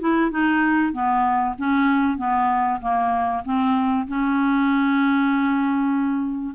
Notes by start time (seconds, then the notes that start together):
0.00 E4
0.31 D#4
0.93 B3
1.58 C#4
2.18 B3
2.82 A#3
3.45 C4
4.08 C#4